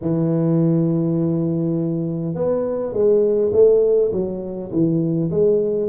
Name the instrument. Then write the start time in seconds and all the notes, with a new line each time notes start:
tuba
0.01 E3
2.34 B3
2.93 G#3
3.53 A3
4.12 F#3
4.71 E3
5.30 G#3